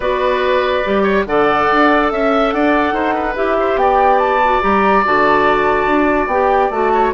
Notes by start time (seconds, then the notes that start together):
0.00 B3 F#4 B4 D5
0.84 G3 G4
1.02 C#5
1.25 D3 A4 D5 F#5
1.72 D4
2.09 C#4 E5
2.51 D4 D5 F#5
2.93 D#4 C5
3.14 B4
3.35 E4 G4 E5
3.59 C5
3.75 B3 D5 G5
4.18 A5
4.43 F#4
4.61 G3 G4 A#5
5.05 D3 F#4 A5
5.86 D4
6.26 B3 G4 G5
6.70 A3 F#4 A5
6.93 C#5